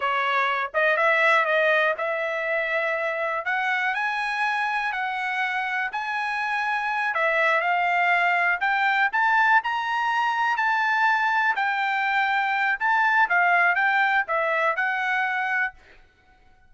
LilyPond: \new Staff \with { instrumentName = "trumpet" } { \time 4/4 \tempo 4 = 122 cis''4. dis''8 e''4 dis''4 | e''2. fis''4 | gis''2 fis''2 | gis''2~ gis''8 e''4 f''8~ |
f''4. g''4 a''4 ais''8~ | ais''4. a''2 g''8~ | g''2 a''4 f''4 | g''4 e''4 fis''2 | }